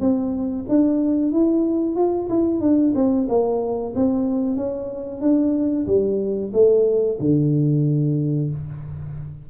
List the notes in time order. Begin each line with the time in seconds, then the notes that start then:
0.00 C4
0.68 D4
1.32 E4
1.96 F4
2.29 E4
2.61 D4
2.95 C4
3.28 A#3
3.95 C4
4.57 C#4
5.21 D4
5.86 G3
6.53 A3
7.19 D3